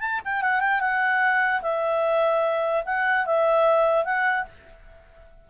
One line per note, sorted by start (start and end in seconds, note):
0.00 0.20 A5
0.24 0.42 G5
0.42 0.60 F#5
0.60 0.80 G5
0.80 1.61 F#5
1.61 2.83 E5
2.85 3.26 F#5
3.26 4.04 E5
4.04 4.45 F#5